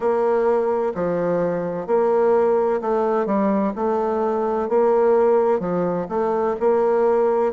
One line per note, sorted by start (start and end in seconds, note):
0.00 0.92 A#3
0.95 1.87 F3
1.87 2.80 A#3
2.81 3.26 A3
3.26 3.72 G3
3.75 4.69 A3
4.69 5.60 A#3
5.60 6.06 F3
6.09 6.55 A3
6.60 7.52 A#3